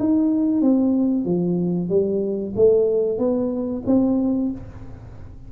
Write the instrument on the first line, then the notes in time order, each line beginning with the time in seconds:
tuba
0.00 D#4
0.62 C4
1.26 F3
1.89 G3
2.56 A3
3.18 B3
3.87 C4